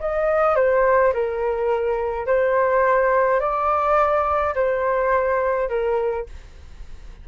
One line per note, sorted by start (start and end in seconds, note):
0.00 0.56 D#5
0.56 1.13 C5
1.13 2.26 A#4
2.26 3.40 C5
3.40 4.54 D5
4.55 5.69 C5
5.69 6.26 A#4